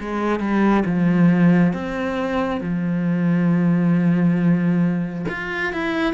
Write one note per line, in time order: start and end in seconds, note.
0.00 0.40 G#3
0.40 0.84 G3
0.85 1.73 F3
1.73 2.61 C4
2.61 5.26 F3
5.29 5.73 F4
5.73 6.14 E4